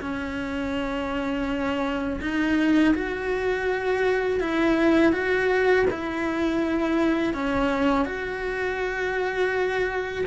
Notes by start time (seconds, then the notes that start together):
0.00 C#4
2.21 D#4
2.94 F#4
4.40 E4
5.12 F#4
5.90 E4
7.34 C#4
8.05 F#4